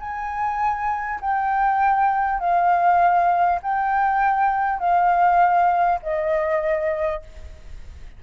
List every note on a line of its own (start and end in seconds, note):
0.00 1.20 G#5
1.21 2.39 G5
2.39 3.59 F5
3.62 4.79 G5
4.79 5.99 F5
6.02 7.22 D#5